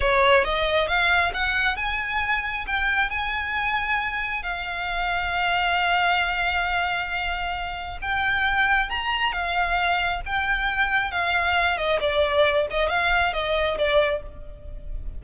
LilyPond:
\new Staff \with { instrumentName = "violin" } { \time 4/4 \tempo 4 = 135 cis''4 dis''4 f''4 fis''4 | gis''2 g''4 gis''4~ | gis''2 f''2~ | f''1~ |
f''2 g''2 | ais''4 f''2 g''4~ | g''4 f''4. dis''8 d''4~ | d''8 dis''8 f''4 dis''4 d''4 | }